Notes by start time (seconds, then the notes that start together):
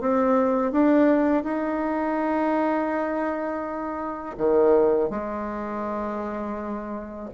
0.00 C4
0.72 D4
1.43 D#4
4.37 D#3
5.10 G#3